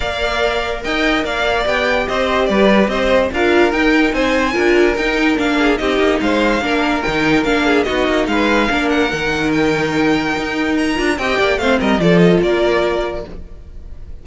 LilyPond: <<
  \new Staff \with { instrumentName = "violin" } { \time 4/4 \tempo 4 = 145 f''2 g''4 f''4 | g''4 dis''4 d''4 dis''4 | f''4 g''4 gis''2 | g''4 f''4 dis''4 f''4~ |
f''4 g''4 f''4 dis''4 | f''4. fis''4. g''4~ | g''2 ais''4 g''4 | f''8 dis''8 d''8 dis''8 d''2 | }
  \new Staff \with { instrumentName = "violin" } { \time 4/4 d''2 dis''4 d''4~ | d''4 c''4 b'4 c''4 | ais'2 c''4 ais'4~ | ais'4. gis'8 g'4 c''4 |
ais'2~ ais'8 gis'8 fis'4 | b'4 ais'2.~ | ais'2. dis''8 d''8 | c''8 ais'8 a'4 ais'2 | }
  \new Staff \with { instrumentName = "viola" } { \time 4/4 ais'1 | g'1 | f'4 dis'2 f'4 | dis'4 d'4 dis'2 |
d'4 dis'4 d'4 dis'4~ | dis'4 d'4 dis'2~ | dis'2~ dis'8 f'8 g'4 | c'4 f'2. | }
  \new Staff \with { instrumentName = "cello" } { \time 4/4 ais2 dis'4 ais4 | b4 c'4 g4 c'4 | d'4 dis'4 c'4 d'4 | dis'4 ais4 c'8 ais8 gis4 |
ais4 dis4 ais4 b8 ais8 | gis4 ais4 dis2~ | dis4 dis'4. d'8 c'8 ais8 | a8 g8 f4 ais2 | }
>>